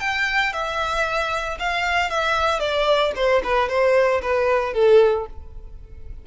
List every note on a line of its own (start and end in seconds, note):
0.00 0.53 G5
0.53 1.58 E5
1.59 2.10 F5
2.10 2.59 E5
2.59 3.12 D5
3.16 3.42 C5
3.43 3.68 B4
3.68 4.21 C5
4.21 4.73 B4
4.73 5.26 A4